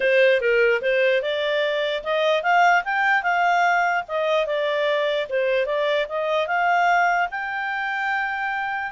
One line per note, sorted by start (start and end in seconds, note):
0.00 0.40 C5
0.40 0.81 A#4
0.81 1.22 C5
1.22 2.03 D5
2.03 2.42 D#5
2.42 2.83 F5
2.84 3.22 G5
3.22 4.03 F5
4.07 4.46 D#5
4.46 5.27 D5
5.29 5.66 C5
5.66 6.06 D5
6.08 6.47 D#5
6.47 7.28 F5
7.31 8.91 G5